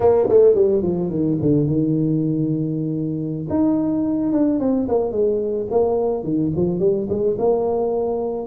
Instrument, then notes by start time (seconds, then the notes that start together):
tuba
0.00 A#3
0.28 A3
0.54 G3
0.82 F3
1.10 D#3
1.41 D3
1.66 D#3
3.49 D#4
4.32 D4
4.59 C4
4.88 A#3
5.11 G#3
5.70 A#3
6.23 D#3
6.56 F3
6.79 G3
7.09 G#3
7.38 A#3